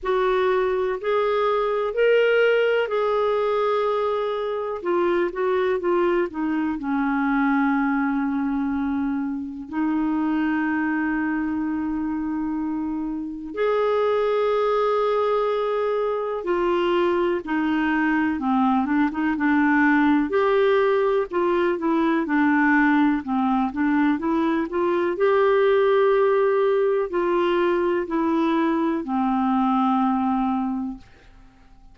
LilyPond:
\new Staff \with { instrumentName = "clarinet" } { \time 4/4 \tempo 4 = 62 fis'4 gis'4 ais'4 gis'4~ | gis'4 f'8 fis'8 f'8 dis'8 cis'4~ | cis'2 dis'2~ | dis'2 gis'2~ |
gis'4 f'4 dis'4 c'8 d'16 dis'16 | d'4 g'4 f'8 e'8 d'4 | c'8 d'8 e'8 f'8 g'2 | f'4 e'4 c'2 | }